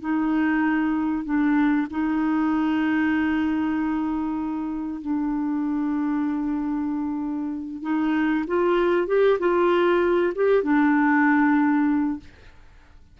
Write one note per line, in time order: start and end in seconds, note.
0.00 1.25 D#4
1.25 1.87 D4
1.90 5.01 D#4
5.01 7.82 D4
7.82 8.45 D#4
8.47 9.07 F4
9.07 9.38 G4
9.39 10.33 F4
10.35 10.63 G4
10.63 12.19 D4